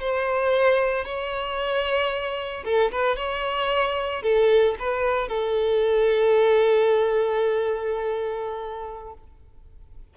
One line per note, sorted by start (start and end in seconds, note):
0.00 1.05 C5
1.05 2.64 C#5
2.65 2.91 A4
2.92 3.16 B4
3.16 4.22 C#5
4.22 4.75 A4
4.79 5.28 B4
5.28 9.13 A4